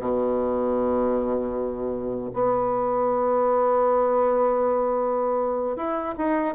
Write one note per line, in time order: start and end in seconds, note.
0.00 2.31 B2
2.34 5.77 B3
5.77 6.15 E4
6.18 6.55 D#4